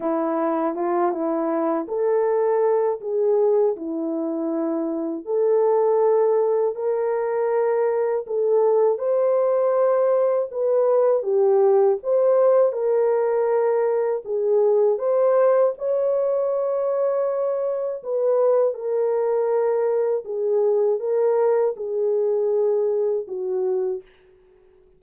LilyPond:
\new Staff \with { instrumentName = "horn" } { \time 4/4 \tempo 4 = 80 e'4 f'8 e'4 a'4. | gis'4 e'2 a'4~ | a'4 ais'2 a'4 | c''2 b'4 g'4 |
c''4 ais'2 gis'4 | c''4 cis''2. | b'4 ais'2 gis'4 | ais'4 gis'2 fis'4 | }